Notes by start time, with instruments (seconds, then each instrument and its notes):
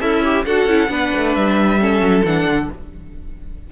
0.00 cello C#4, violin E4 E5, viola A4
0.24 viola G4
0.45 cello D4, viola F#4, violin A4 F#5
0.66 cello C#4, viola E4
0.89 cello B3, viola D4, violin B4
1.16 cello A3
1.35 cello G3, violin E5
1.79 viola C#4, violin A4
2.00 cello F#3
2.24 cello E3, viola D4, violin F#5
2.46 cello D3